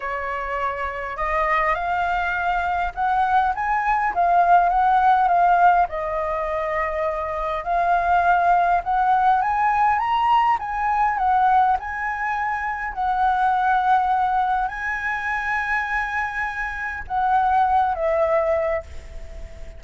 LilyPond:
\new Staff \with { instrumentName = "flute" } { \time 4/4 \tempo 4 = 102 cis''2 dis''4 f''4~ | f''4 fis''4 gis''4 f''4 | fis''4 f''4 dis''2~ | dis''4 f''2 fis''4 |
gis''4 ais''4 gis''4 fis''4 | gis''2 fis''2~ | fis''4 gis''2.~ | gis''4 fis''4. e''4. | }